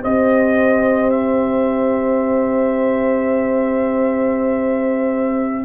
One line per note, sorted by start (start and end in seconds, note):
0.00 5.65 C4
0.00 5.62 G4
0.00 5.64 C5
0.00 1.10 D#5
1.10 5.65 E5